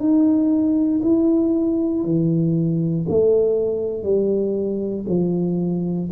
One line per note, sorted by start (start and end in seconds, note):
0.00 1.02 D#4
1.03 2.04 E4
2.04 3.06 E3
3.09 4.04 A3
4.04 5.05 G3
5.08 6.10 F3